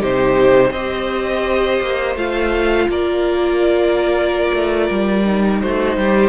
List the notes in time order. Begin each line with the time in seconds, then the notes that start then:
0.00 C3 D#4 G4 C5
0.70 C4 G4 C5 D#5
1.82 A#3
2.16 A3 F4 F5
2.89 A#3 A#4 D5
4.54 A3
4.91 G3
5.25 D#4
5.62 A3 F#4 C5
5.97 G3 G4